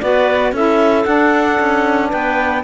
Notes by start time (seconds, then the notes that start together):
0.00 B3 F#4 B4 D5
0.52 C#4 E4 A4 E5
1.05 D4 F#5
1.60 C#4
2.09 B3 B4 G5